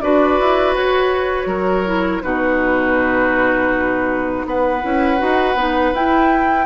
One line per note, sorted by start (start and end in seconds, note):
0.00 0.40 D4
0.00 1.85 F#4
0.00 1.47 B4
0.00 0.74 D5
0.40 0.74 E4
0.74 1.46 F#4
0.74 2.22 C#5
1.46 2.20 F#3
1.46 2.21 A#4
1.85 2.22 E4
2.22 4.45 B2
2.22 4.81 D#4
2.22 4.46 F#4
2.22 4.44 B4
4.45 4.82 B3
4.45 6.65 B4
4.45 5.95 F#5
4.81 5.21 C#4
4.81 5.18 E4
5.18 5.54 D#4
5.18 5.55 F#4
5.54 5.92 B3
5.54 5.94 D#4
5.93 6.65 E4
5.93 6.65 G5